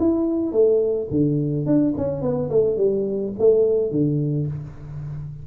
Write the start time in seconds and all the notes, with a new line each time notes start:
0.00 E4
0.53 A3
1.11 D3
1.66 D4
1.98 C#4
2.22 B3
2.50 A3
2.77 G3
3.40 A3
3.91 D3